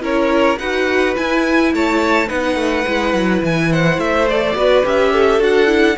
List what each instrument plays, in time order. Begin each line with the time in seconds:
0.00 cello C#4, viola E4, violin A#4 C#5
0.58 cello D#4, viola F#4, violin B4 F#5
1.15 viola E4, cello E4, violin G#5
1.73 cello A3, violin C#5 A5
2.27 cello B3, viola D#4, violin B4 F#5
2.55 cello A3
2.87 cello G#3, viola E4
3.14 cello F#3
3.43 cello E3, violin G#5
3.71 violin C5 F#5
3.98 cello A3, violin E5
4.27 viola A4, violin D5
4.54 cello B3, viola F#4, violin B4
4.84 cello C#4, viola G4, violin E5
5.13 violin A4
5.39 cello D4, viola F#4, violin F#5
5.66 viola E4